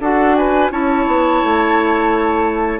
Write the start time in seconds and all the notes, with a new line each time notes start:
0.00 D4 F#4 A4 F#5
0.36 B4 G#5
0.71 C#4 E4 C#5 A5
1.07 B3
1.43 A3